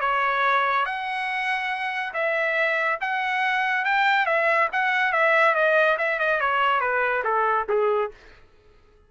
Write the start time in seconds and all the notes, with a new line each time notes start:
0.00 C#5
0.85 F#5
2.13 E5
3.01 F#5
3.84 G5
4.26 E5
4.72 F#5
5.12 E5
5.54 D#5
5.98 E5
6.19 D#5
6.40 C#5
6.80 B4
7.24 A4
7.68 G#4